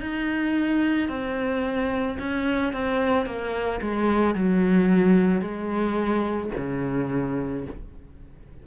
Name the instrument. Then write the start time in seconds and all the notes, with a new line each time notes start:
cello
0.00 D#4
1.09 C4
2.19 C#4
2.72 C4
3.26 A#3
3.81 G#3
4.34 F#3
5.41 G#3
6.57 C#3